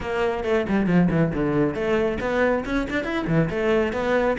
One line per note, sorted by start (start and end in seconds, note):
0.00 0.44 A#3
0.44 0.66 A3
0.68 0.86 G3
0.86 1.08 F3
1.10 1.32 E3
1.33 1.74 D3
1.74 2.18 A3
2.20 2.64 B3
2.65 2.87 C#4
2.90 3.03 D4
3.03 3.25 E4
3.27 3.49 E3
3.50 3.92 A3
3.92 4.36 B3